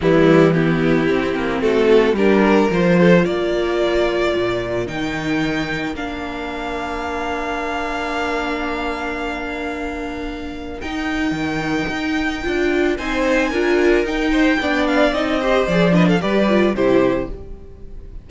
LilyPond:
<<
  \new Staff \with { instrumentName = "violin" } { \time 4/4 \tempo 4 = 111 e'4 g'2 a'4 | ais'4 c''4 d''2~ | d''4 g''2 f''4~ | f''1~ |
f''1 | g''1 | gis''2 g''4. f''8 | dis''4 d''8 dis''16 f''16 d''4 c''4 | }
  \new Staff \with { instrumentName = "violin" } { \time 4/4 b4 e'2 fis'4 | g'8 ais'4 a'8 ais'2~ | ais'1~ | ais'1~ |
ais'1~ | ais'1 | c''4 ais'4. c''8 d''4~ | d''8 c''4 b'16 a'16 b'4 g'4 | }
  \new Staff \with { instrumentName = "viola" } { \time 4/4 g4 b4 c'2 | d'4 f'2.~ | f'4 dis'2 d'4~ | d'1~ |
d'1 | dis'2. f'4 | dis'4 f'4 dis'4 d'4 | dis'8 g'8 gis'8 d'8 g'8 f'8 e'4 | }
  \new Staff \with { instrumentName = "cello" } { \time 4/4 e2 c'8 ais8 a4 | g4 f4 ais2 | ais,4 dis2 ais4~ | ais1~ |
ais1 | dis'4 dis4 dis'4 d'4 | c'4 d'4 dis'4 b4 | c'4 f4 g4 c4 | }
>>